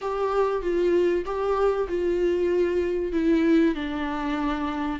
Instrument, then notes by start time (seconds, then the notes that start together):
viola
0.01 G4
0.62 F4
1.25 G4
1.88 F4
3.12 E4
3.74 D4